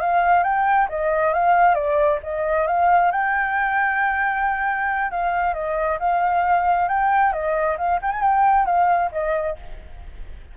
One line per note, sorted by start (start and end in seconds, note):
0.00 0.43 F5
0.43 0.88 G5
0.89 1.33 D#5
1.33 1.75 F5
1.75 2.19 D5
2.23 2.67 D#5
2.67 3.11 F5
3.12 5.11 G5
5.11 5.54 F5
5.54 5.98 D#5
5.99 6.88 F5
6.88 7.32 G5
7.32 7.77 D#5
7.78 8.00 F5
8.02 8.12 G5
8.12 8.22 G#5
8.22 8.66 G5
8.66 9.10 F5
9.12 9.56 D#5